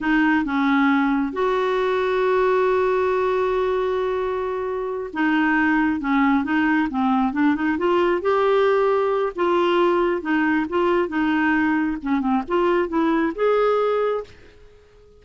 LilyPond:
\new Staff \with { instrumentName = "clarinet" } { \time 4/4 \tempo 4 = 135 dis'4 cis'2 fis'4~ | fis'1~ | fis'2.~ fis'8 dis'8~ | dis'4. cis'4 dis'4 c'8~ |
c'8 d'8 dis'8 f'4 g'4.~ | g'4 f'2 dis'4 | f'4 dis'2 cis'8 c'8 | f'4 e'4 gis'2 | }